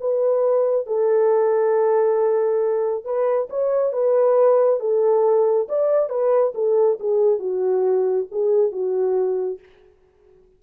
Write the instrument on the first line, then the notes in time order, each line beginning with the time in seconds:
horn
0.00 B4
0.87 A4
3.04 B4
3.50 C#5
3.93 B4
4.80 A4
5.68 D5
6.09 B4
6.55 A4
7.00 G#4
7.39 F#4
8.32 G#4
8.72 F#4